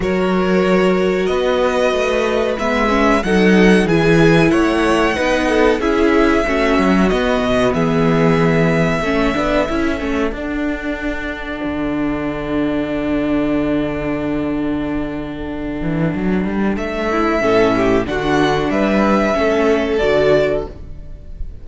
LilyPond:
<<
  \new Staff \with { instrumentName = "violin" } { \time 4/4 \tempo 4 = 93 cis''2 dis''2 | e''4 fis''4 gis''4 fis''4~ | fis''4 e''2 dis''4 | e''1 |
fis''1~ | fis''1~ | fis''2 e''2 | fis''4 e''2 d''4 | }
  \new Staff \with { instrumentName = "violin" } { \time 4/4 ais'2 b'2~ | b'4 a'4 gis'4 cis''4 | b'8 a'8 gis'4 fis'2 | gis'2 a'2~ |
a'1~ | a'1~ | a'2~ a'8 e'8 a'8 g'8 | fis'4 b'4 a'2 | }
  \new Staff \with { instrumentName = "viola" } { \time 4/4 fis'1 | b8 cis'8 dis'4 e'2 | dis'4 e'4 cis'4 b4~ | b2 cis'8 d'8 e'8 cis'8 |
d'1~ | d'1~ | d'2. cis'4 | d'2 cis'4 fis'4 | }
  \new Staff \with { instrumentName = "cello" } { \time 4/4 fis2 b4 a4 | gis4 fis4 e4 a4 | b4 cis'4 a8 fis8 b8 b,8 | e2 a8 b8 cis'8 a8 |
d'2 d2~ | d1~ | d8 e8 fis8 g8 a4 a,4 | d4 g4 a4 d4 | }
>>